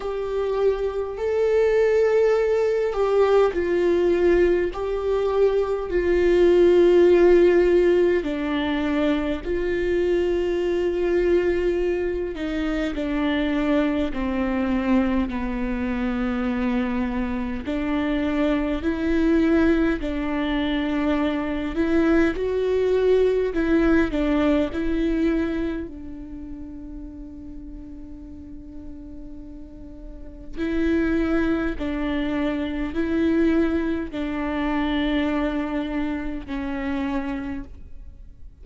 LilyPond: \new Staff \with { instrumentName = "viola" } { \time 4/4 \tempo 4 = 51 g'4 a'4. g'8 f'4 | g'4 f'2 d'4 | f'2~ f'8 dis'8 d'4 | c'4 b2 d'4 |
e'4 d'4. e'8 fis'4 | e'8 d'8 e'4 d'2~ | d'2 e'4 d'4 | e'4 d'2 cis'4 | }